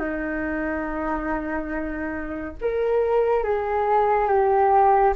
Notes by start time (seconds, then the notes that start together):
0.00 D#4
2.62 A#4
3.44 G#4
4.29 G4